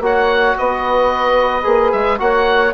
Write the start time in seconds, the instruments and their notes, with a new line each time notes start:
0.00 bassoon A#3, trombone F#4, saxophone C#5, oboe F#5
0.58 bassoon B3, saxophone B4, oboe D#5
1.63 bassoon A#3, trombone G#4
1.92 bassoon G#3, oboe E5
2.19 bassoon A#3, trombone F#4, saxophone C#5, oboe F#5